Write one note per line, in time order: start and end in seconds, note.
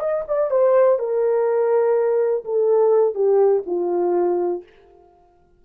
0.00 0.24 D#5
0.28 0.51 D5
0.51 0.99 C5
0.99 2.44 A#4
2.45 3.15 A4
3.15 3.63 G4
3.66 4.63 F4